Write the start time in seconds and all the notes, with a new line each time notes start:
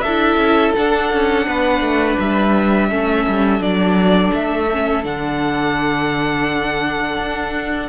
0.00 D4 A4 E5
0.07 E4
0.36 C#4
0.75 D4 F#5
1.13 C#4
1.46 B3 B4
1.81 A3
2.19 G3 E5
2.90 A3 C#4 A4
3.28 G3
3.60 F#3 D4 D5
4.33 A3 E5
4.72 C#4
5.03 D3 D4 F#5
7.17 D4